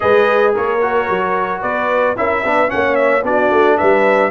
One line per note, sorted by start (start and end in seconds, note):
0.00 0.56 G#3
0.00 0.78 G#4
0.00 0.54 B4
0.00 0.53 D#5
0.54 1.09 A#3
0.54 1.61 A#4
0.54 1.62 C#5
0.81 2.16 F#4
1.09 1.62 F#3
1.61 2.17 B3
1.61 2.15 B4
1.61 2.16 D5
2.16 2.44 C#4
2.16 2.43 E4
2.16 2.43 A#4
2.16 2.70 E5
2.43 2.71 B3
2.43 2.67 D4
2.43 2.70 B4
2.67 3.23 A#3
2.67 3.21 C#4
2.67 3.25 C#5
2.67 2.95 F#5
2.95 3.22 E5
3.23 3.50 B3
3.23 4.30 D4
3.23 3.77 F#4
3.23 3.77 D5
3.50 3.77 A3
3.77 4.30 G3
3.77 4.30 B4
3.77 4.30 E5